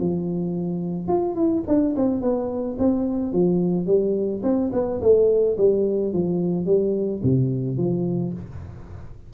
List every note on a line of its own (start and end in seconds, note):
0.00 1.08 F3
1.08 1.35 F4
1.35 1.63 E4
1.68 1.95 D4
1.97 2.22 C4
2.22 2.78 B3
2.79 3.33 C4
3.33 3.86 F3
3.86 4.42 G3
4.43 4.71 C4
4.73 5.01 B3
5.02 5.57 A3
5.58 6.13 G3
6.13 6.66 F3
6.66 7.22 G3
7.23 7.78 C3
7.78 8.33 F3